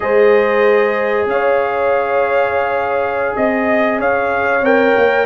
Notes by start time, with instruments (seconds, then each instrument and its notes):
0.00 tuba G#3, trombone G#4, horn C5, trumpet D#5
1.26 tuba C#4, horn C#5, trumpet F5
3.36 tuba C4, trumpet D#5, horn D#5
3.99 tuba C#4, horn C#5, trumpet F5
4.61 tuba C4, trombone A#4, trumpet G5
4.96 tuba A#3